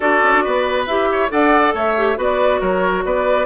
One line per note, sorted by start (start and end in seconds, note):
0.00 0.22 D4
0.00 0.87 F#4
0.00 0.44 A4
0.00 0.85 D5
0.23 0.33 C#4
0.33 0.44 D4
0.44 0.87 B3
0.44 1.09 B4
0.86 1.30 E4
0.86 1.29 G4
0.86 1.29 E5
1.11 1.31 C#5
1.29 1.74 D4
1.29 1.94 A4
1.29 1.74 D5
1.29 1.73 F#5
1.74 2.17 A3
1.74 2.17 C#5
1.74 2.19 E5
1.97 2.16 G4
2.16 2.60 B3
2.16 3.46 F#4
2.16 2.60 B4
2.16 2.60 D5
2.60 3.04 F#3
2.60 3.04 A#4
2.60 3.04 C#5
3.04 3.46 B3
3.04 3.46 B4
3.04 3.46 D5